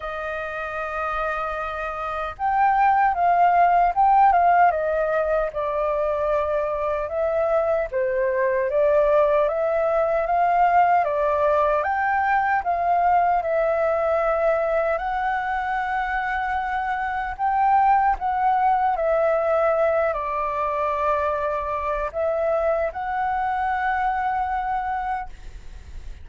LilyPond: \new Staff \with { instrumentName = "flute" } { \time 4/4 \tempo 4 = 76 dis''2. g''4 | f''4 g''8 f''8 dis''4 d''4~ | d''4 e''4 c''4 d''4 | e''4 f''4 d''4 g''4 |
f''4 e''2 fis''4~ | fis''2 g''4 fis''4 | e''4. d''2~ d''8 | e''4 fis''2. | }